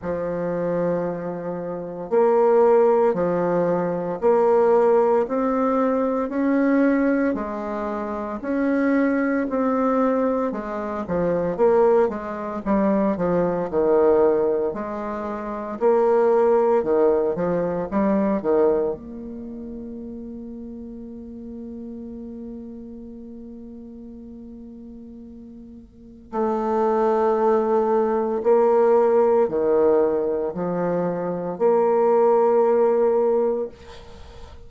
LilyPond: \new Staff \with { instrumentName = "bassoon" } { \time 4/4 \tempo 4 = 57 f2 ais4 f4 | ais4 c'4 cis'4 gis4 | cis'4 c'4 gis8 f8 ais8 gis8 | g8 f8 dis4 gis4 ais4 |
dis8 f8 g8 dis8 ais2~ | ais1~ | ais4 a2 ais4 | dis4 f4 ais2 | }